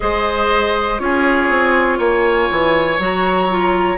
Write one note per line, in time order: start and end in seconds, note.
0.00 0.99 G#3
0.00 0.98 G#4
0.00 1.01 C5
0.00 0.99 D#5
0.98 1.49 C#4
0.98 2.98 F4
0.98 1.98 G#4
0.98 1.99 C#5
1.49 1.98 C4
1.98 2.48 A#3
1.98 3.97 C#5
1.98 2.99 G#5
2.51 2.98 E3
2.98 3.97 F#3
2.98 3.49 F#4
2.98 3.97 A#5
3.50 3.97 F4